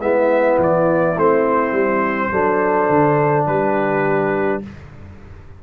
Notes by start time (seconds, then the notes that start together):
0.00 G#3 B3 E4 E5
0.59 E3 D5
1.16 A3 C4 C5
1.72 G3
2.31 F#3 D4 A4
2.89 D3
3.46 G3 G4 B4